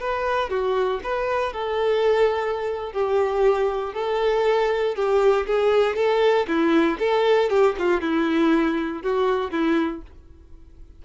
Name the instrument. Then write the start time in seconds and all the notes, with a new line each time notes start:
violin
0.00 B4
0.49 F#4
1.03 B4
1.53 A4
2.92 G4
3.93 A4
4.95 G4
5.47 G#4
5.96 A4
6.47 E4
6.99 A4
7.50 G4
7.78 F4
8.01 E4
9.02 F#4
9.51 E4